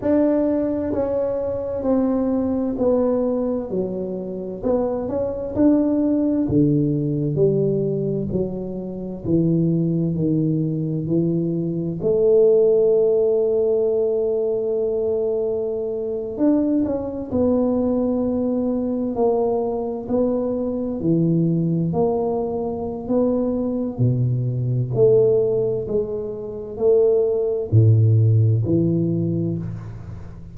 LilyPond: \new Staff \with { instrumentName = "tuba" } { \time 4/4 \tempo 4 = 65 d'4 cis'4 c'4 b4 | fis4 b8 cis'8 d'4 d4 | g4 fis4 e4 dis4 | e4 a2.~ |
a4.~ a16 d'8 cis'8 b4~ b16~ | b8. ais4 b4 e4 ais16~ | ais4 b4 b,4 a4 | gis4 a4 a,4 e4 | }